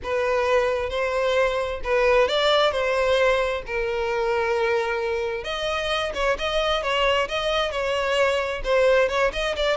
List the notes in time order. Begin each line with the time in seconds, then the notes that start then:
0.03 B4
0.89 C5
1.83 B4
2.28 D5
2.71 C5
3.66 A#4
5.44 D#5
6.14 C#5
6.38 D#5
6.82 C#5
7.28 D#5
7.71 C#5
8.64 C5
9.08 C#5
9.33 D#5
9.56 D5